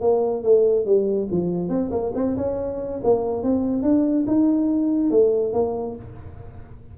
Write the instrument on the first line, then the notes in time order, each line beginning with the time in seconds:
tuba
0.00 A#3
0.43 A3
0.85 G3
1.31 F3
1.69 C4
1.91 A#3
2.15 C4
2.36 C#4
3.03 A#3
3.43 C4
3.82 D4
4.27 D#4
5.10 A3
5.53 A#3